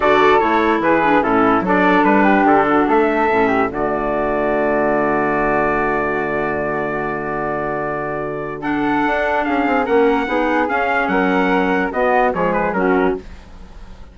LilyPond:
<<
  \new Staff \with { instrumentName = "trumpet" } { \time 4/4 \tempo 4 = 146 d''4 cis''4 b'4 a'4 | d''4 b'4 a'4 e''4~ | e''4 d''2.~ | d''1~ |
d''1~ | d''4 fis''2 f''4 | fis''2 f''4 fis''4~ | fis''4 dis''4 cis''8 b'8 ais'4 | }
  \new Staff \with { instrumentName = "flute" } { \time 4/4 a'2 gis'4 e'4 | a'4. g'4 fis'8 a'4~ | a'8 g'8 fis'2.~ | fis'1~ |
fis'1~ | fis'4 a'2 gis'4 | ais'4 gis'2 ais'4~ | ais'4 fis'4 gis'4 fis'4 | }
  \new Staff \with { instrumentName = "clarinet" } { \time 4/4 fis'4 e'4. d'8 cis'4 | d'1 | cis'4 a2.~ | a1~ |
a1~ | a4 d'2. | cis'4 dis'4 cis'2~ | cis'4 b4 gis4 cis'4 | }
  \new Staff \with { instrumentName = "bassoon" } { \time 4/4 d4 a4 e4 a,4 | fis4 g4 d4 a4 | a,4 d2.~ | d1~ |
d1~ | d2 d'4 cis'8 c'8 | ais4 b4 cis'4 fis4~ | fis4 b4 f4 fis4 | }
>>